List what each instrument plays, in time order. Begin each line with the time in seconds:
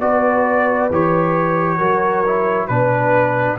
0.00 tuba B3, trombone F#4, horn B4, trumpet D5
0.91 tuba E3, trombone G4, trumpet C#5
1.78 tuba F#3, trombone F#4, horn A#4
2.26 trombone E4
2.68 tuba B2, trombone D4, horn B4, trumpet B4